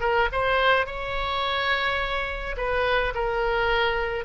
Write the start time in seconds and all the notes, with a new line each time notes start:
0.00 A#4
0.32 C5
0.86 C#5
2.57 B4
3.14 A#4